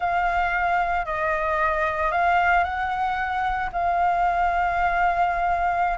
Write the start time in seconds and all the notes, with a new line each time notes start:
0.00 F5
1.05 D#5
2.11 F5
2.64 F#5
3.72 F5